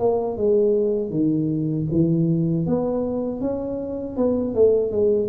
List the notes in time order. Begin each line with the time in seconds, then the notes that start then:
0.00 A#3
0.38 G#3
1.11 D#3
1.91 E3
2.67 B3
3.41 C#4
4.17 B3
4.55 A3
4.92 G#3